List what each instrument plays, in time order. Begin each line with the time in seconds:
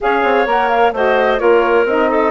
0.00 bassoon C#4, saxophone G#4, clarinet C#5, flute F5
0.23 bassoon C4
0.45 bassoon A#3, saxophone A#4, flute F#5
0.69 flute F5
0.92 bassoon A3, saxophone F#4, clarinet C5, flute D#5
1.37 bassoon A#3, saxophone F4, clarinet A#4, flute C#5
1.85 bassoon C4, saxophone D#4, flute D#5
2.09 clarinet A4